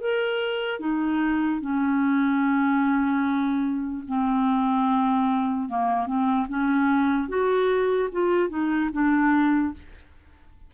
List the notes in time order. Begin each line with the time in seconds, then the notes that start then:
0.00 A#4
0.79 D#4
1.60 C#4
4.07 C4
5.68 A#3
6.06 C4
6.48 C#4
7.28 F#4
8.12 F4
8.49 D#4
8.92 D4